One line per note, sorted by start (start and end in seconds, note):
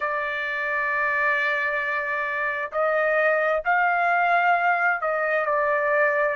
0.00 2.71 D5
2.71 3.62 D#5
3.64 5.01 F5
5.01 5.45 D#5
5.45 6.36 D5